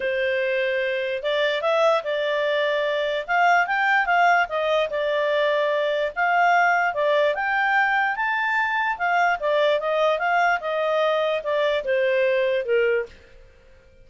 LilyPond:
\new Staff \with { instrumentName = "clarinet" } { \time 4/4 \tempo 4 = 147 c''2. d''4 | e''4 d''2. | f''4 g''4 f''4 dis''4 | d''2. f''4~ |
f''4 d''4 g''2 | a''2 f''4 d''4 | dis''4 f''4 dis''2 | d''4 c''2 ais'4 | }